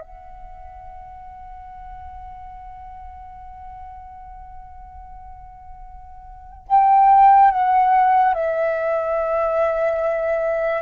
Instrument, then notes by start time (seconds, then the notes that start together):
flute
0.00 F#5
6.67 G5
7.50 F#5
8.34 E5